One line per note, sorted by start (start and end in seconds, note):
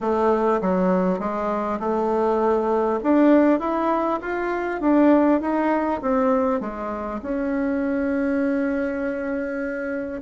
0.00 0.60 A3
0.61 1.19 F#3
1.19 1.79 G#3
1.79 2.99 A3
3.03 3.59 D4
3.59 4.19 E4
4.21 4.80 F4
4.80 5.40 D4
5.41 6.01 D#4
6.01 6.60 C4
6.60 7.20 G#3
7.22 10.21 C#4